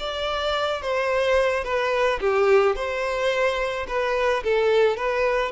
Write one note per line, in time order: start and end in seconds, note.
0.00 0.82 D5
0.82 1.64 C5
1.64 2.20 B4
2.21 2.76 G4
2.76 3.87 C5
3.88 4.44 B4
4.44 4.97 A4
4.97 5.52 B4